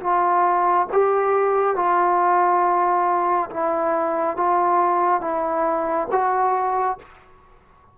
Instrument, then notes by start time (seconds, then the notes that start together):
trombone
0.00 F4
0.92 G4
1.75 F4
3.50 E4
4.36 F4
5.21 E4
6.11 F#4